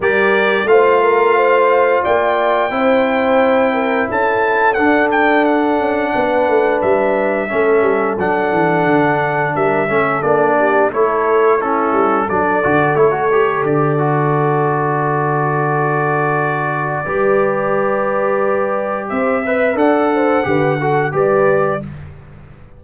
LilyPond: <<
  \new Staff \with { instrumentName = "trumpet" } { \time 4/4 \tempo 4 = 88 d''4 f''2 g''4~ | g''2 a''4 fis''8 g''8 | fis''2 e''2 | fis''2 e''4 d''4 |
cis''4 a'4 d''4 cis''4 | d''1~ | d''1 | e''4 fis''2 d''4 | }
  \new Staff \with { instrumentName = "horn" } { \time 4/4 ais'4 c''8 ais'8 c''4 d''4 | c''4. ais'8 a'2~ | a'4 b'2 a'4~ | a'2 ais'8 a'4 g'8 |
a'4 e'4 a'2~ | a'1~ | a'4 b'2. | c''8 e''8 d''8 c''8 b'8 a'8 b'4 | }
  \new Staff \with { instrumentName = "trombone" } { \time 4/4 g'4 f'2. | e'2. d'4~ | d'2. cis'4 | d'2~ d'8 cis'8 d'4 |
e'4 cis'4 d'8 fis'8 e'16 fis'16 g'8~ | g'8 fis'2.~ fis'8~ | fis'4 g'2.~ | g'8 b'8 a'4 g'8 fis'8 g'4 | }
  \new Staff \with { instrumentName = "tuba" } { \time 4/4 g4 a2 ais4 | c'2 cis'4 d'4~ | d'8 cis'8 b8 a8 g4 a8 g8 | fis8 e8 d4 g8 a8 ais4 |
a4. g8 fis8 d8 a4 | d1~ | d4 g2. | c'4 d'4 d4 g4 | }
>>